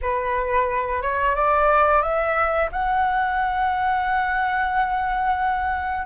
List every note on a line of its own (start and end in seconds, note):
0.01 1.01 B4
1.01 1.35 C#5
1.35 2.02 D5
2.02 2.69 E5
2.72 6.06 F#5